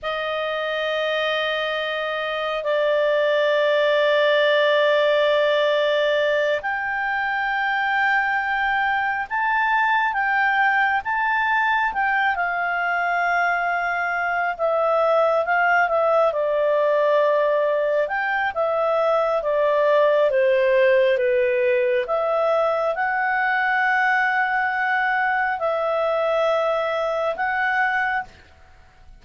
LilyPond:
\new Staff \with { instrumentName = "clarinet" } { \time 4/4 \tempo 4 = 68 dis''2. d''4~ | d''2.~ d''8 g''8~ | g''2~ g''8 a''4 g''8~ | g''8 a''4 g''8 f''2~ |
f''8 e''4 f''8 e''8 d''4.~ | d''8 g''8 e''4 d''4 c''4 | b'4 e''4 fis''2~ | fis''4 e''2 fis''4 | }